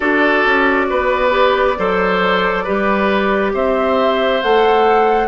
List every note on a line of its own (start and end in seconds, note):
0.00 0.45 D4
0.00 1.30 F#4
0.00 0.85 A4
0.00 3.52 D5
0.45 0.89 C#4
0.89 1.78 B3
0.89 1.78 B4
1.30 1.74 G4
1.78 2.66 F#3
1.78 2.66 A4
1.78 2.63 C5
2.63 3.53 G3
2.63 4.42 G4
2.63 3.52 B4
3.53 4.42 C4
3.53 5.28 C5
3.53 4.42 E5
4.42 5.28 A3
4.42 5.28 A4
4.42 5.28 F#5